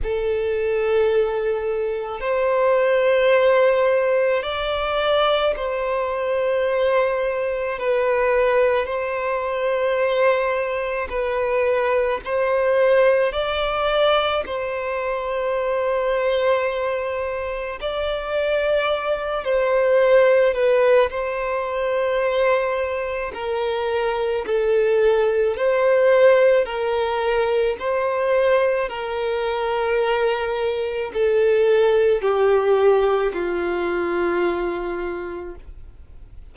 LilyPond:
\new Staff \with { instrumentName = "violin" } { \time 4/4 \tempo 4 = 54 a'2 c''2 | d''4 c''2 b'4 | c''2 b'4 c''4 | d''4 c''2. |
d''4. c''4 b'8 c''4~ | c''4 ais'4 a'4 c''4 | ais'4 c''4 ais'2 | a'4 g'4 f'2 | }